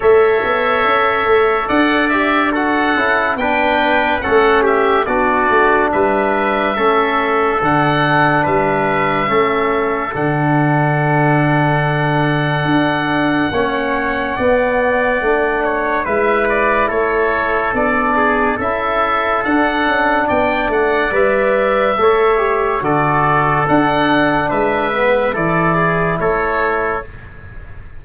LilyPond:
<<
  \new Staff \with { instrumentName = "oboe" } { \time 4/4 \tempo 4 = 71 e''2 fis''8 e''8 fis''4 | g''4 fis''8 e''8 d''4 e''4~ | e''4 fis''4 e''2 | fis''1~ |
fis''2. e''8 d''8 | cis''4 d''4 e''4 fis''4 | g''8 fis''8 e''2 d''4 | fis''4 e''4 d''4 cis''4 | }
  \new Staff \with { instrumentName = "trumpet" } { \time 4/4 cis''2 d''4 a'4 | b'4 a'8 g'8 fis'4 b'4 | a'2 b'4 a'4~ | a'1 |
cis''4 d''4. cis''8 b'4 | a'4. gis'8 a'2 | d''2 cis''4 a'4~ | a'4 b'4 a'8 gis'8 a'4 | }
  \new Staff \with { instrumentName = "trombone" } { \time 4/4 a'2~ a'8 g'8 fis'8 e'8 | d'4 cis'4 d'2 | cis'4 d'2 cis'4 | d'1 |
cis'4 b4 d'4 e'4~ | e'4 d'4 e'4 d'4~ | d'4 b'4 a'8 g'8 fis'4 | d'4. b8 e'2 | }
  \new Staff \with { instrumentName = "tuba" } { \time 4/4 a8 b8 cis'8 a8 d'4. cis'8 | b4 a4 b8 a8 g4 | a4 d4 g4 a4 | d2. d'4 |
ais4 b4 a4 gis4 | a4 b4 cis'4 d'8 cis'8 | b8 a8 g4 a4 d4 | d'4 gis4 e4 a4 | }
>>